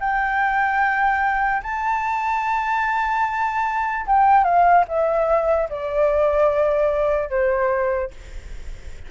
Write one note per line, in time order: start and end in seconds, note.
0.00 1.62 G5
1.63 4.06 A5
4.06 4.44 G5
4.44 4.84 F5
4.88 5.69 E5
5.69 7.30 D5
7.30 8.11 C5